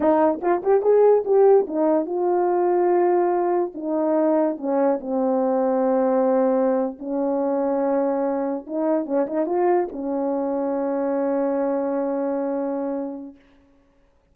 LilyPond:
\new Staff \with { instrumentName = "horn" } { \time 4/4 \tempo 4 = 144 dis'4 f'8 g'8 gis'4 g'4 | dis'4 f'2.~ | f'4 dis'2 cis'4 | c'1~ |
c'8. cis'2.~ cis'16~ | cis'8. dis'4 cis'8 dis'8 f'4 cis'16~ | cis'1~ | cis'1 | }